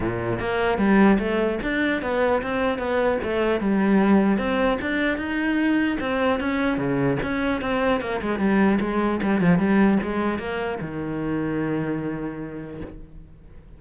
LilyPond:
\new Staff \with { instrumentName = "cello" } { \time 4/4 \tempo 4 = 150 ais,4 ais4 g4 a4 | d'4 b4 c'4 b4 | a4 g2 c'4 | d'4 dis'2 c'4 |
cis'4 cis4 cis'4 c'4 | ais8 gis8 g4 gis4 g8 f8 | g4 gis4 ais4 dis4~ | dis1 | }